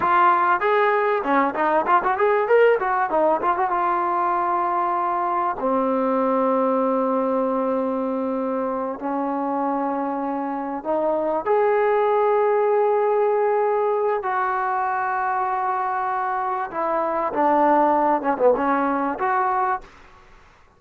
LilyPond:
\new Staff \with { instrumentName = "trombone" } { \time 4/4 \tempo 4 = 97 f'4 gis'4 cis'8 dis'8 f'16 fis'16 gis'8 | ais'8 fis'8 dis'8 f'16 fis'16 f'2~ | f'4 c'2.~ | c'2~ c'8 cis'4.~ |
cis'4. dis'4 gis'4.~ | gis'2. fis'4~ | fis'2. e'4 | d'4. cis'16 b16 cis'4 fis'4 | }